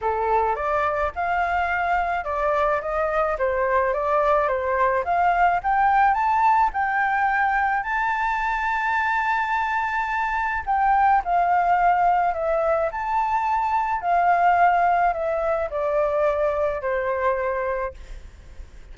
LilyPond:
\new Staff \with { instrumentName = "flute" } { \time 4/4 \tempo 4 = 107 a'4 d''4 f''2 | d''4 dis''4 c''4 d''4 | c''4 f''4 g''4 a''4 | g''2 a''2~ |
a''2. g''4 | f''2 e''4 a''4~ | a''4 f''2 e''4 | d''2 c''2 | }